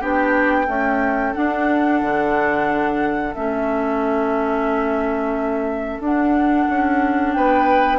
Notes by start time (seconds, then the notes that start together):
0.00 B3 D4 G4 G5
0.66 A3 C#4 A4
1.34 D4 F#5
2.02 D3
3.34 A3 C#4 E5
5.99 D4 F#5
6.69 C#4
7.33 B3 B4 G5